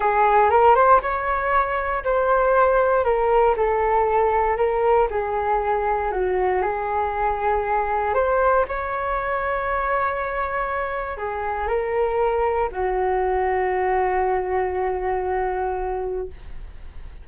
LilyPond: \new Staff \with { instrumentName = "flute" } { \time 4/4 \tempo 4 = 118 gis'4 ais'8 c''8 cis''2 | c''2 ais'4 a'4~ | a'4 ais'4 gis'2 | fis'4 gis'2. |
c''4 cis''2.~ | cis''2 gis'4 ais'4~ | ais'4 fis'2.~ | fis'1 | }